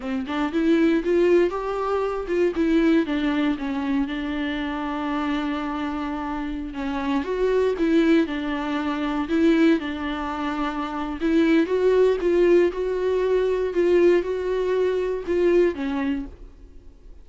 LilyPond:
\new Staff \with { instrumentName = "viola" } { \time 4/4 \tempo 4 = 118 c'8 d'8 e'4 f'4 g'4~ | g'8 f'8 e'4 d'4 cis'4 | d'1~ | d'4~ d'16 cis'4 fis'4 e'8.~ |
e'16 d'2 e'4 d'8.~ | d'2 e'4 fis'4 | f'4 fis'2 f'4 | fis'2 f'4 cis'4 | }